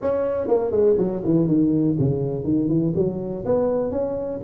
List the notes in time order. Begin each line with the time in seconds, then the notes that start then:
0.01 C#4
0.47 A#3
0.71 G#3
0.97 F#3
1.24 E3
1.47 D#3
1.99 C#3
2.44 D#3
2.68 E3
2.95 F#3
3.45 B3
3.91 C#4